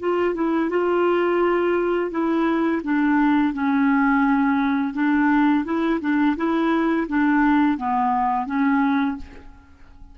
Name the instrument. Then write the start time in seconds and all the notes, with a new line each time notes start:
clarinet
0.00 F4
0.35 E4
0.70 F4
2.11 E4
2.84 D4
3.54 C#4
4.94 D4
5.65 E4
6.01 D4
6.37 E4
7.09 D4
7.78 B3
8.46 C#4